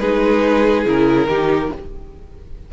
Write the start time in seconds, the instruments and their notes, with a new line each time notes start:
0.00 cello G#3, viola D#4, violin G#4 B4
0.85 cello C#3, viola E4, violin A#4
1.27 cello D#3, viola D#4, violin G4